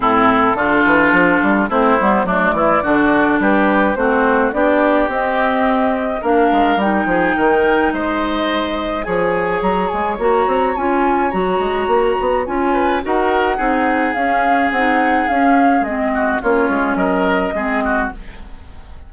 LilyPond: <<
  \new Staff \with { instrumentName = "flute" } { \time 4/4 \tempo 4 = 106 a'2. c''4 | d''2 b'4 c''4 | d''4 dis''2 f''4 | g''2 dis''2 |
gis''4 ais''8 gis''8 ais''4 gis''4 | ais''2 gis''4 fis''4~ | fis''4 f''4 fis''4 f''4 | dis''4 cis''4 dis''2 | }
  \new Staff \with { instrumentName = "oboe" } { \time 4/4 e'4 f'2 e'4 | d'8 e'8 fis'4 g'4 fis'4 | g'2. ais'4~ | ais'8 gis'8 ais'4 c''2 |
cis''1~ | cis''2~ cis''8 b'8 ais'4 | gis'1~ | gis'8 fis'8 f'4 ais'4 gis'8 fis'8 | }
  \new Staff \with { instrumentName = "clarinet" } { \time 4/4 c'4 d'2 c'8 b8 | a4 d'2 c'4 | d'4 c'2 d'4 | dis'1 |
gis'2 fis'4 f'4 | fis'2 f'4 fis'4 | dis'4 cis'4 dis'4 cis'4 | c'4 cis'2 c'4 | }
  \new Staff \with { instrumentName = "bassoon" } { \time 4/4 a,4 d8 e8 f8 g8 a8 g8 | fis8 e8 d4 g4 a4 | b4 c'2 ais8 gis8 | g8 f8 dis4 gis2 |
f4 fis8 gis8 ais8 c'8 cis'4 | fis8 gis8 ais8 b8 cis'4 dis'4 | c'4 cis'4 c'4 cis'4 | gis4 ais8 gis8 fis4 gis4 | }
>>